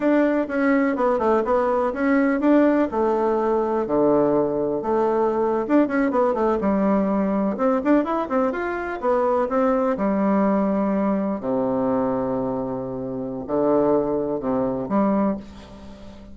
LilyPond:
\new Staff \with { instrumentName = "bassoon" } { \time 4/4 \tempo 4 = 125 d'4 cis'4 b8 a8 b4 | cis'4 d'4 a2 | d2 a4.~ a16 d'16~ | d'16 cis'8 b8 a8 g2 c'16~ |
c'16 d'8 e'8 c'8 f'4 b4 c'16~ | c'8. g2. c16~ | c1 | d2 c4 g4 | }